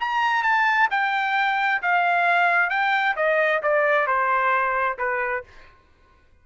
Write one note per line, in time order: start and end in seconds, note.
0.00 0.43 A#5
0.43 0.88 A5
0.90 1.81 G5
1.82 2.70 F5
2.70 3.15 G5
3.16 3.62 D#5
3.62 4.07 D5
4.07 4.98 C5
4.98 5.44 B4